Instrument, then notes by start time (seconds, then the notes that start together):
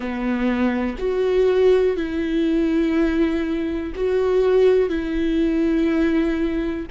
viola
0.00 B3
0.98 F#4
1.96 E4
3.95 F#4
4.89 E4